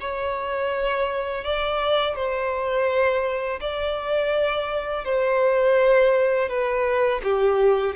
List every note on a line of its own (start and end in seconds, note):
0.00 1.44 C#5
1.44 2.15 D5
2.15 3.60 C5
3.60 5.04 D5
5.04 6.49 C5
6.49 7.21 B4
7.23 7.96 G4